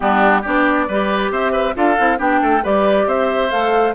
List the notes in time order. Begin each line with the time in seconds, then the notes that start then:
0.00 G3 B3 D4 G4
0.41 B3 D4 G4 D5
0.88 G3 G4 B4
1.30 C4 C5 E5
1.52 B4
1.73 D4 F4 A4 F5
1.97 C4 E4
2.17 B3 D4 G4 G5
2.41 A3 A4
2.63 G3 G4 B4 D5
3.06 C4 C5 E5
3.50 A3 A4 F5